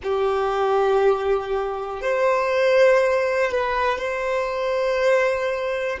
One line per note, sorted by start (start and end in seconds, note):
0.03 2.01 G4
2.01 3.50 C5
3.50 3.98 B4
3.98 5.98 C5